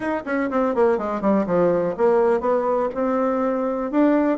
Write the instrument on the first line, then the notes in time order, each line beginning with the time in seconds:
bassoon
0.00 D#4
0.25 C#4
0.50 C4
0.75 A#3
0.98 G#3
1.21 G3
1.46 F3
1.97 A#3
2.40 B3
2.94 C4
3.91 D4